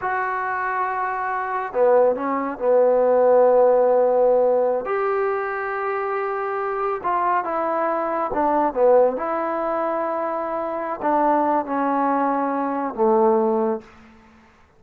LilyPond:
\new Staff \with { instrumentName = "trombone" } { \time 4/4 \tempo 4 = 139 fis'1 | b4 cis'4 b2~ | b2.~ b16 g'8.~ | g'1~ |
g'16 f'4 e'2 d'8.~ | d'16 b4 e'2~ e'8.~ | e'4. d'4. cis'4~ | cis'2 a2 | }